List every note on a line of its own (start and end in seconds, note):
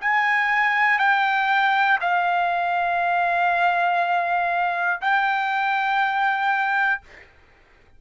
0.00 0.98 G#5
0.98 1.98 G5
2.00 5.00 F5
5.00 7.00 G5